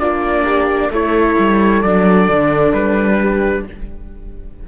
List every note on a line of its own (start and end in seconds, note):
0.00 0.90 A#3
0.00 0.92 D4
0.00 0.45 F4
0.00 0.91 D5
0.45 0.91 G4
0.90 1.36 A3
0.90 1.84 E4
0.90 3.19 A4
0.90 1.83 C#5
1.39 1.84 G3
1.83 2.29 F#3
1.83 3.68 D4
1.83 2.73 D5
2.29 2.73 D3
2.73 3.64 G3
2.73 3.65 B4
3.20 3.66 G4